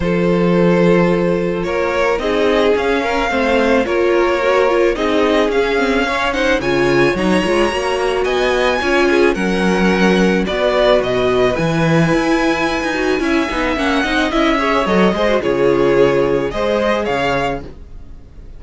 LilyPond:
<<
  \new Staff \with { instrumentName = "violin" } { \time 4/4 \tempo 4 = 109 c''2. cis''4 | dis''4 f''2 cis''4~ | cis''4 dis''4 f''4. fis''8 | gis''4 ais''2 gis''4~ |
gis''4 fis''2 d''4 | dis''4 gis''2.~ | gis''4 fis''4 e''4 dis''4 | cis''2 dis''4 f''4 | }
  \new Staff \with { instrumentName = "violin" } { \time 4/4 a'2. ais'4 | gis'4. ais'8 c''4 ais'4~ | ais'4 gis'2 cis''8 c''8 | cis''2. dis''4 |
cis''8 gis'8 ais'2 b'4~ | b'1 | e''4. dis''4 cis''4 c''8 | gis'2 c''4 cis''4 | }
  \new Staff \with { instrumentName = "viola" } { \time 4/4 f'1 | dis'4 cis'4 c'4 f'4 | fis'8 f'8 dis'4 cis'8 c'8 cis'8 dis'8 | f'4 dis'8 f'8 fis'2 |
f'4 cis'2 fis'4~ | fis'4 e'2~ e'8 fis'8 | e'8 dis'8 cis'8 dis'8 e'8 gis'8 a'8 gis'16 fis'16 | f'2 gis'2 | }
  \new Staff \with { instrumentName = "cello" } { \time 4/4 f2. ais4 | c'4 cis'4 a4 ais4~ | ais4 c'4 cis'2 | cis4 fis8 gis8 ais4 b4 |
cis'4 fis2 b4 | b,4 e4 e'4~ e'16 dis'8. | cis'8 b8 ais8 c'8 cis'4 fis8 gis8 | cis2 gis4 cis4 | }
>>